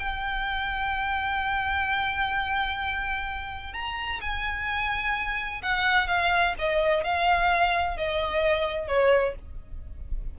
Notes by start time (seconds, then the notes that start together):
0.00 G5
3.74 A#5
4.22 G#5
5.63 F#5
6.08 F5
6.59 D#5
7.04 F5
7.98 D#5
8.88 C#5